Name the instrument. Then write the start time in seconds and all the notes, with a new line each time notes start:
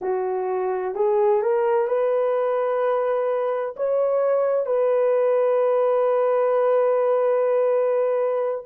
horn
0.01 F#4
0.95 G#4
1.41 A#4
1.87 B4
3.76 C#5
4.66 B4